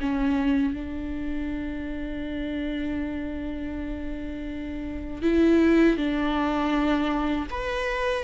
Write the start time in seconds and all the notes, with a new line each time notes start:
0.00 C#4
0.73 D4
5.22 E4
5.97 D4
7.50 B4